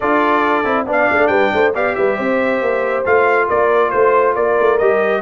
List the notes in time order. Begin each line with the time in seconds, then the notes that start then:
0.00 D4 F4 A4 D5
0.64 C4 E4
0.86 B3 D4 D5 F5
1.11 A3
1.27 G3 B4 G5
1.52 A3 C5
1.74 B3 G4 D5 F5
1.95 G3 B4 E5
2.16 C4 C5
2.61 A#3
3.05 A3 F4 F5
3.47 A#3 A#4 D5
3.90 A3 C5
4.34 A#3 A#4 D5
4.59 A3
4.78 G3 G4 D#5